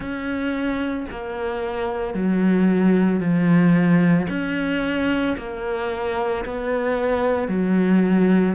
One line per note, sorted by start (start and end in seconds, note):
0.00 1.06 C#4
1.10 2.14 A#3
2.14 3.19 F#3
3.19 4.27 F3
4.29 5.36 C#4
5.37 6.44 A#3
6.45 7.48 B3
7.48 8.55 F#3